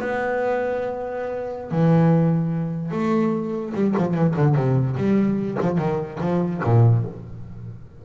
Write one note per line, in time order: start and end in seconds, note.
0.00 1.72 B3
1.72 2.92 E3
2.92 3.73 A3
3.75 3.95 G3
3.98 4.15 F3
4.15 4.35 E3
4.37 4.56 D3
4.56 4.96 C3
4.97 5.58 G3
5.61 5.78 F3
5.78 6.19 D#3
6.21 6.62 F3
6.64 7.05 A#2